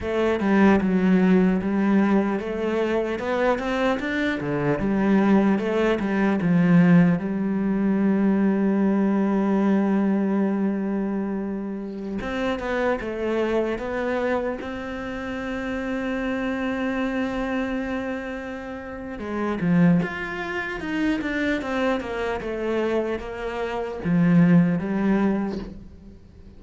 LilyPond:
\new Staff \with { instrumentName = "cello" } { \time 4/4 \tempo 4 = 75 a8 g8 fis4 g4 a4 | b8 c'8 d'8 d8 g4 a8 g8 | f4 g2.~ | g2.~ g16 c'8 b16~ |
b16 a4 b4 c'4.~ c'16~ | c'1 | gis8 f8 f'4 dis'8 d'8 c'8 ais8 | a4 ais4 f4 g4 | }